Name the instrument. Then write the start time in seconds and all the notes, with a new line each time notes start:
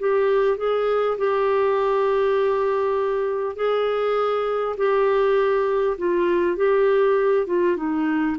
clarinet
0.00 G4
0.58 G#4
1.18 G4
3.56 G#4
4.78 G4
5.98 F4
6.57 G4
7.47 F4
7.77 D#4